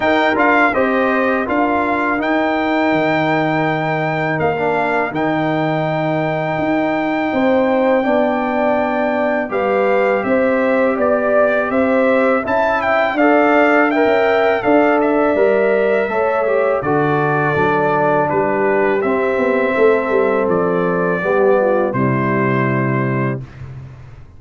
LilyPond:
<<
  \new Staff \with { instrumentName = "trumpet" } { \time 4/4 \tempo 4 = 82 g''8 f''8 dis''4 f''4 g''4~ | g''2 f''4 g''4~ | g''1~ | g''4 f''4 e''4 d''4 |
e''4 a''8 g''8 f''4 g''4 | f''8 e''2~ e''8 d''4~ | d''4 b'4 e''2 | d''2 c''2 | }
  \new Staff \with { instrumentName = "horn" } { \time 4/4 ais'4 c''4 ais'2~ | ais'1~ | ais'2 c''4 d''4~ | d''4 b'4 c''4 d''4 |
c''4 e''4 d''4 e''4 | d''2 cis''4 a'4~ | a'4 g'2 a'4~ | a'4 g'8 f'8 e'2 | }
  \new Staff \with { instrumentName = "trombone" } { \time 4/4 dis'8 f'8 g'4 f'4 dis'4~ | dis'2~ dis'16 d'8. dis'4~ | dis'2. d'4~ | d'4 g'2.~ |
g'4 e'4 a'4 ais'4 | a'4 ais'4 a'8 g'8 fis'4 | d'2 c'2~ | c'4 b4 g2 | }
  \new Staff \with { instrumentName = "tuba" } { \time 4/4 dis'8 d'8 c'4 d'4 dis'4 | dis2 ais4 dis4~ | dis4 dis'4 c'4 b4~ | b4 g4 c'4 b4 |
c'4 cis'4 d'4~ d'16 cis'8. | d'4 g4 a4 d4 | fis4 g4 c'8 b8 a8 g8 | f4 g4 c2 | }
>>